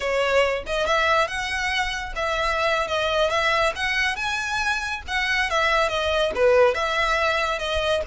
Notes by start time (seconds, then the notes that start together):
0.00 C#5
0.66 D#5
0.86 E5
1.27 F#5
2.15 E5
2.87 D#5
3.30 E5
3.75 F#5
4.16 G#5
5.07 F#5
5.50 E5
5.88 D#5
6.35 B4
6.74 E5
7.58 D#5